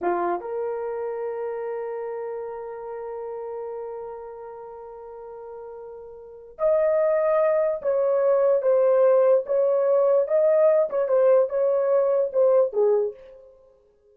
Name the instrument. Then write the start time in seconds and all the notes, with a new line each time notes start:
horn
0.01 F4
0.40 A#4
6.58 D#5
7.82 C#5
8.62 C5
9.46 C#5
10.27 D#5
10.89 C#5
11.08 C5
11.49 C#5
12.32 C5
12.72 G#4